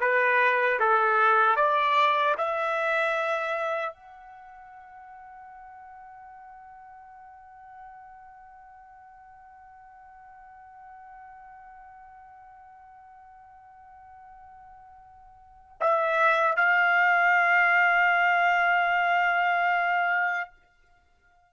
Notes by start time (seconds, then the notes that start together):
0.00 B4
0.80 A4
1.56 D5
2.37 E5
3.93 F#5
15.80 E5
16.56 F5